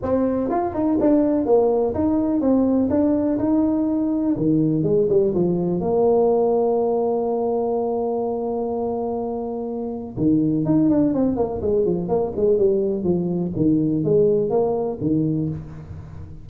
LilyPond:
\new Staff \with { instrumentName = "tuba" } { \time 4/4 \tempo 4 = 124 c'4 f'8 dis'8 d'4 ais4 | dis'4 c'4 d'4 dis'4~ | dis'4 dis4 gis8 g8 f4 | ais1~ |
ais1~ | ais4 dis4 dis'8 d'8 c'8 ais8 | gis8 f8 ais8 gis8 g4 f4 | dis4 gis4 ais4 dis4 | }